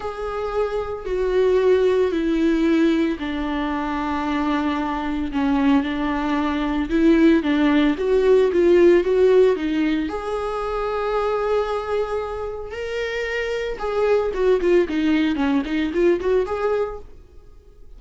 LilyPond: \new Staff \with { instrumentName = "viola" } { \time 4/4 \tempo 4 = 113 gis'2 fis'2 | e'2 d'2~ | d'2 cis'4 d'4~ | d'4 e'4 d'4 fis'4 |
f'4 fis'4 dis'4 gis'4~ | gis'1 | ais'2 gis'4 fis'8 f'8 | dis'4 cis'8 dis'8 f'8 fis'8 gis'4 | }